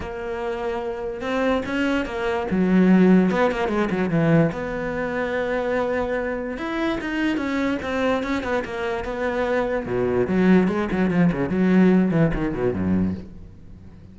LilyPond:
\new Staff \with { instrumentName = "cello" } { \time 4/4 \tempo 4 = 146 ais2. c'4 | cis'4 ais4 fis2 | b8 ais8 gis8 fis8 e4 b4~ | b1 |
e'4 dis'4 cis'4 c'4 | cis'8 b8 ais4 b2 | b,4 fis4 gis8 fis8 f8 cis8 | fis4. e8 dis8 b,8 fis,4 | }